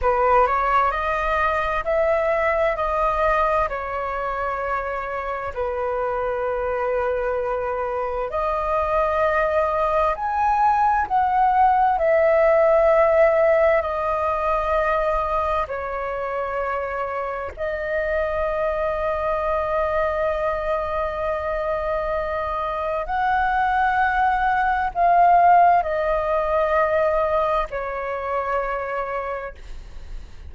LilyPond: \new Staff \with { instrumentName = "flute" } { \time 4/4 \tempo 4 = 65 b'8 cis''8 dis''4 e''4 dis''4 | cis''2 b'2~ | b'4 dis''2 gis''4 | fis''4 e''2 dis''4~ |
dis''4 cis''2 dis''4~ | dis''1~ | dis''4 fis''2 f''4 | dis''2 cis''2 | }